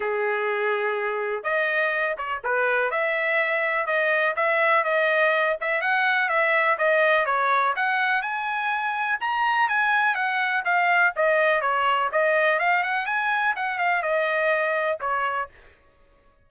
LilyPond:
\new Staff \with { instrumentName = "trumpet" } { \time 4/4 \tempo 4 = 124 gis'2. dis''4~ | dis''8 cis''8 b'4 e''2 | dis''4 e''4 dis''4. e''8 | fis''4 e''4 dis''4 cis''4 |
fis''4 gis''2 ais''4 | gis''4 fis''4 f''4 dis''4 | cis''4 dis''4 f''8 fis''8 gis''4 | fis''8 f''8 dis''2 cis''4 | }